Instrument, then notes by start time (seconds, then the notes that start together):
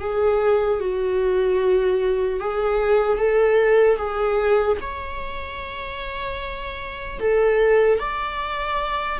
viola
0.00 G#4
0.80 F#4
2.40 G#4
3.18 A4
3.97 G#4
4.81 C#5
7.20 A4
8.00 D5